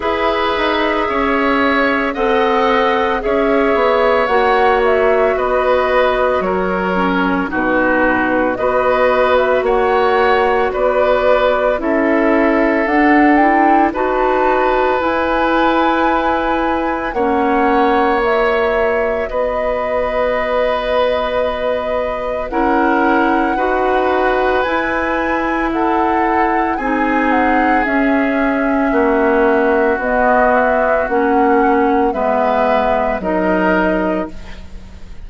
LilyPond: <<
  \new Staff \with { instrumentName = "flute" } { \time 4/4 \tempo 4 = 56 e''2 fis''4 e''4 | fis''8 e''8 dis''4 cis''4 b'4 | dis''8. e''16 fis''4 d''4 e''4 | fis''8 g''8 a''4 gis''2 |
fis''4 e''4 dis''2~ | dis''4 fis''2 gis''4 | fis''4 gis''8 fis''8 e''2 | dis''8 e''8 fis''4 e''4 dis''4 | }
  \new Staff \with { instrumentName = "oboe" } { \time 4/4 b'4 cis''4 dis''4 cis''4~ | cis''4 b'4 ais'4 fis'4 | b'4 cis''4 b'4 a'4~ | a'4 b'2. |
cis''2 b'2~ | b'4 ais'4 b'2 | a'4 gis'2 fis'4~ | fis'2 b'4 ais'4 | }
  \new Staff \with { instrumentName = "clarinet" } { \time 4/4 gis'2 a'4 gis'4 | fis'2~ fis'8 cis'8 dis'4 | fis'2. e'4 | d'8 e'8 fis'4 e'2 |
cis'4 fis'2.~ | fis'4 e'4 fis'4 e'4~ | e'4 dis'4 cis'2 | b4 cis'4 b4 dis'4 | }
  \new Staff \with { instrumentName = "bassoon" } { \time 4/4 e'8 dis'8 cis'4 c'4 cis'8 b8 | ais4 b4 fis4 b,4 | b4 ais4 b4 cis'4 | d'4 dis'4 e'2 |
ais2 b2~ | b4 cis'4 dis'4 e'4~ | e'4 c'4 cis'4 ais4 | b4 ais4 gis4 fis4 | }
>>